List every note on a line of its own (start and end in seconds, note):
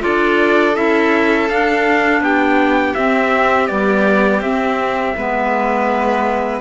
0.00 0.77 D4
0.00 0.73 F4
0.00 2.22 A4
0.00 0.75 D5
0.75 1.50 C#4
0.75 1.48 E4
0.75 1.49 E5
1.49 2.20 D4
1.49 2.97 D4
1.49 2.22 F5
2.20 2.93 B3
2.20 5.15 G4
2.20 2.94 G5
2.94 3.69 C4
2.94 3.67 E5
3.67 4.42 G3
3.67 4.41 B3
3.67 4.40 D5
4.41 5.14 C4
4.41 5.17 C4
4.41 6.60 E5
5.16 6.60 G#3
5.16 6.60 B3
5.16 6.60 B4